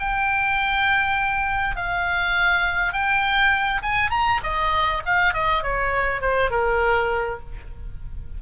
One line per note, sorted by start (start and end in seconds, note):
0.00 1.76 G5
1.76 2.93 F5
2.93 3.82 G5
3.82 4.11 G#5
4.11 4.40 A#5
4.43 5.03 D#5
5.06 5.34 F5
5.34 5.63 D#5
5.63 6.21 C#5
6.21 6.51 C5
6.51 7.40 A#4